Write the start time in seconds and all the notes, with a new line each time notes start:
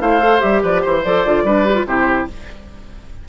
0.00 A3 E4 C5 F5
0.19 A4
0.40 G3 G4 E5
0.63 F3 B4 D5
0.81 E3 C5
1.04 F3 A4 D5
1.25 D3 F4
1.43 G3 D4 B4
1.65 G4
1.75 F4
1.86 C3 E4 G4 C5